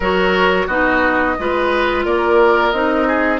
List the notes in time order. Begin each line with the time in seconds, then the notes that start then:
0.00 F#3 F#4 A#4 C#5
0.67 B3 D#4 F#4 D#5
1.39 G#3 F4 B4
2.05 A#3 A#4 D5
2.70 C4 D#4 D#5
3.07 G#4